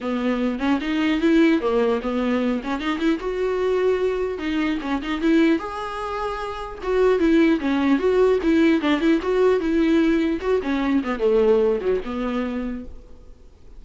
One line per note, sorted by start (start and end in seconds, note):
0.01 0.59 B3
0.59 0.79 C#4
0.80 1.20 D#4
1.20 1.60 E4
1.60 2.00 A#3
2.02 2.62 B3
2.63 2.80 C#4
2.80 2.99 D#4
2.99 3.19 E4
3.19 4.38 F#4
4.38 4.78 D#4
4.81 5.01 C#4
5.01 5.21 D#4
5.21 5.58 E4
5.58 6.78 G#4
6.82 7.19 F#4
7.19 7.59 E4
7.59 7.98 C#4
7.98 8.38 F#4
8.42 8.81 E4
8.81 9.00 D4
9.00 9.20 E4
9.22 9.60 F#4
9.60 10.40 E4
10.40 10.60 F#4
10.62 11.02 C#4
11.03 11.19 B3
11.19 11.79 A3
11.81 12.01 F#3
12.04 12.84 B3